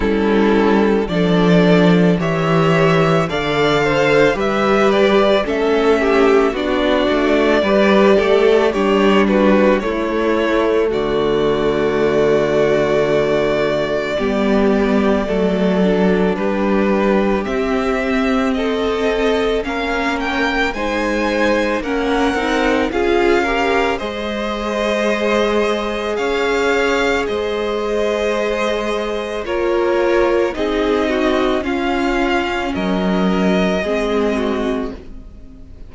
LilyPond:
<<
  \new Staff \with { instrumentName = "violin" } { \time 4/4 \tempo 4 = 55 a'4 d''4 e''4 f''4 | e''8 d''8 e''4 d''2 | cis''8 b'8 cis''4 d''2~ | d''2. b'4 |
e''4 dis''4 f''8 g''8 gis''4 | fis''4 f''4 dis''2 | f''4 dis''2 cis''4 | dis''4 f''4 dis''2 | }
  \new Staff \with { instrumentName = "violin" } { \time 4/4 e'4 a'4 cis''4 d''8 c''8 | b'4 a'8 g'8 fis'4 b'8 a'8 | g'8 fis'8 e'4 fis'2~ | fis'4 g'4 a'4 g'4~ |
g'4 a'4 ais'4 c''4 | ais'4 gis'8 ais'8 c''2 | cis''4 c''2 ais'4 | gis'8 fis'8 f'4 ais'4 gis'8 fis'8 | }
  \new Staff \with { instrumentName = "viola" } { \time 4/4 cis'4 d'4 g'4 a'4 | g'4 cis'4 d'4 g'4 | d'4 a2.~ | a4 b4 a8 d'4. |
c'2 cis'4 dis'4 | cis'8 dis'8 f'8 g'8 gis'2~ | gis'2. f'4 | dis'4 cis'2 c'4 | }
  \new Staff \with { instrumentName = "cello" } { \time 4/4 g4 f4 e4 d4 | g4 a4 b8 a8 g8 a8 | g4 a4 d2~ | d4 g4 fis4 g4 |
c'2 ais4 gis4 | ais8 c'8 cis'4 gis2 | cis'4 gis2 ais4 | c'4 cis'4 fis4 gis4 | }
>>